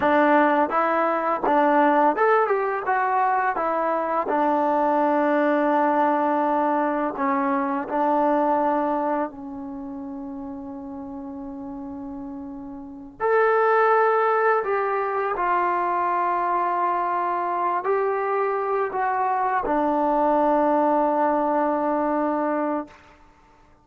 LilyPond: \new Staff \with { instrumentName = "trombone" } { \time 4/4 \tempo 4 = 84 d'4 e'4 d'4 a'8 g'8 | fis'4 e'4 d'2~ | d'2 cis'4 d'4~ | d'4 cis'2.~ |
cis'2~ cis'8 a'4.~ | a'8 g'4 f'2~ f'8~ | f'4 g'4. fis'4 d'8~ | d'1 | }